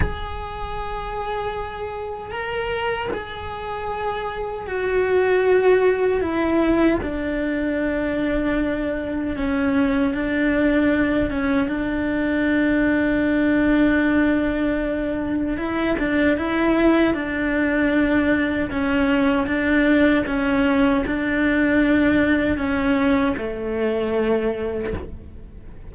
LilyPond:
\new Staff \with { instrumentName = "cello" } { \time 4/4 \tempo 4 = 77 gis'2. ais'4 | gis'2 fis'2 | e'4 d'2. | cis'4 d'4. cis'8 d'4~ |
d'1 | e'8 d'8 e'4 d'2 | cis'4 d'4 cis'4 d'4~ | d'4 cis'4 a2 | }